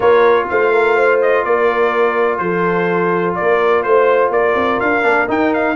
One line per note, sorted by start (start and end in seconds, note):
0.00 0.48 A#3
0.00 5.02 F4
0.00 0.45 A#4
0.00 0.48 C#5
0.49 1.44 A3
0.49 0.72 C5
0.49 1.21 F5
0.72 0.96 A#4
0.96 1.44 C5
1.21 1.44 D#5
1.44 2.39 A#3
1.44 2.41 A#4
1.44 2.38 D5
2.38 3.35 F3
2.38 3.37 A4
2.38 3.34 C5
3.35 3.84 A#3
3.35 3.85 A#4
3.35 3.82 D5
3.82 4.30 A3
3.82 4.30 C5
3.82 4.31 C5
4.30 4.54 A#3
4.30 5.75 A#4
4.30 4.80 D5
4.54 4.78 C4
4.80 5.03 D4
4.80 5.28 F5
5.02 5.27 A#3
5.02 5.26 D4
5.28 5.76 D#4
5.28 5.53 G5
5.53 5.76 F5